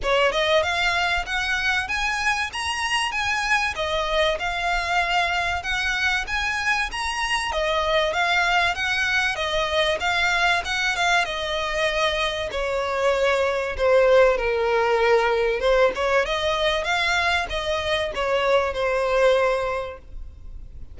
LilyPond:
\new Staff \with { instrumentName = "violin" } { \time 4/4 \tempo 4 = 96 cis''8 dis''8 f''4 fis''4 gis''4 | ais''4 gis''4 dis''4 f''4~ | f''4 fis''4 gis''4 ais''4 | dis''4 f''4 fis''4 dis''4 |
f''4 fis''8 f''8 dis''2 | cis''2 c''4 ais'4~ | ais'4 c''8 cis''8 dis''4 f''4 | dis''4 cis''4 c''2 | }